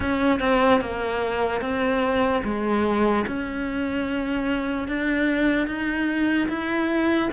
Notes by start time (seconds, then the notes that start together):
0.00 C#4
0.40 C4
0.80 A#3
1.61 C4
2.44 G#3
3.27 C#4
4.88 D4
5.67 D#4
6.48 E4